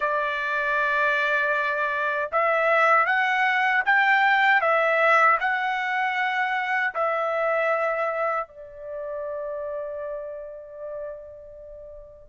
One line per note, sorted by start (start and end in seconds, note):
0.00 2.30 D5
2.32 3.06 E5
3.06 3.83 F#5
3.85 4.61 G5
4.61 5.38 E5
5.40 6.93 F#5
6.94 8.47 E5
8.47 12.29 D5